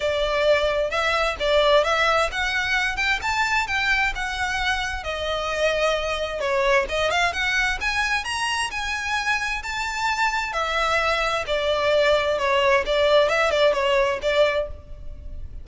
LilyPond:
\new Staff \with { instrumentName = "violin" } { \time 4/4 \tempo 4 = 131 d''2 e''4 d''4 | e''4 fis''4. g''8 a''4 | g''4 fis''2 dis''4~ | dis''2 cis''4 dis''8 f''8 |
fis''4 gis''4 ais''4 gis''4~ | gis''4 a''2 e''4~ | e''4 d''2 cis''4 | d''4 e''8 d''8 cis''4 d''4 | }